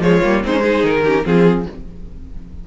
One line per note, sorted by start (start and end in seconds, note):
0.00 0.20 F3
0.00 0.22 G#3
0.00 0.44 F4
0.00 0.44 C#5
0.24 0.45 G3
0.24 0.44 A#3
0.44 0.84 G#3
0.44 0.52 C4
0.44 0.62 D#4
0.44 0.86 C5
0.52 0.62 C#4
0.62 1.04 D#4
0.62 1.03 G#4
0.84 1.24 D#3
0.84 1.26 A#4
1.04 1.24 C#4
1.04 1.25 G4
1.24 1.66 F3
1.24 1.65 C4
1.24 1.67 F4
1.24 1.67 G#4